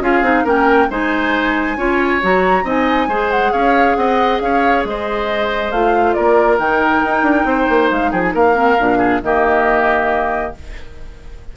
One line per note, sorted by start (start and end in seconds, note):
0.00 0.22 C#4
0.00 0.24 F4
0.00 0.44 G#4
0.00 0.47 F5
0.22 0.44 C4
0.22 0.46 D#4
0.44 0.89 A#3
0.44 0.89 C#4
0.44 0.88 A#4
0.44 0.92 G5
0.90 1.77 G#3
0.90 1.77 D#4
0.90 1.78 C5
0.90 2.23 G#5
1.77 2.21 C#4
1.77 2.21 F4
1.77 2.64 C#5
2.22 2.64 F#3
2.22 2.65 F#4
2.22 2.68 A#5
2.64 3.08 C4
2.64 3.08 D#4
2.64 3.08 D#5
2.64 3.31 G#5
3.08 3.52 G#3
3.08 5.73 G#4
3.08 3.52 C5
3.31 3.52 F#5
3.52 3.97 C#4
3.52 3.96 C#5
3.52 3.96 F5
3.96 4.40 C4
3.96 4.43 D#5
3.96 4.40 F#5
4.40 4.85 C#4
4.40 4.88 C#5
4.40 4.84 F5
4.85 5.71 G#3
4.85 6.16 C5
4.85 5.72 D#5
5.71 6.15 A3
5.71 6.61 F4
5.71 6.14 F5
6.14 6.58 A#3
6.14 7.47 A#4
6.14 6.57 D5
6.58 7.02 D#3
6.58 8.55 D#4
6.58 7.91 G5
7.05 7.23 D#4
7.23 7.44 D4
7.45 7.67 C4
7.45 8.11 C5
7.69 7.91 A#3
7.91 8.12 G#3
7.91 8.12 F5
8.11 8.34 F3
8.11 8.33 G#4
8.11 8.23 G5
8.23 8.34 G#5
8.34 8.78 A#3
8.34 8.98 A#4
8.34 9.23 F5
8.55 8.76 C4
8.79 9.23 A#2
8.79 9.23 D4
8.98 9.20 G#4
9.23 10.54 D#3
9.23 10.55 A#3
9.23 10.57 G4
9.23 10.55 D#5